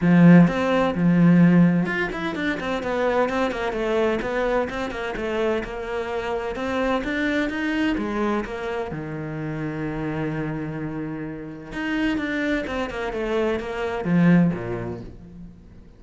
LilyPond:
\new Staff \with { instrumentName = "cello" } { \time 4/4 \tempo 4 = 128 f4 c'4 f2 | f'8 e'8 d'8 c'8 b4 c'8 ais8 | a4 b4 c'8 ais8 a4 | ais2 c'4 d'4 |
dis'4 gis4 ais4 dis4~ | dis1~ | dis4 dis'4 d'4 c'8 ais8 | a4 ais4 f4 ais,4 | }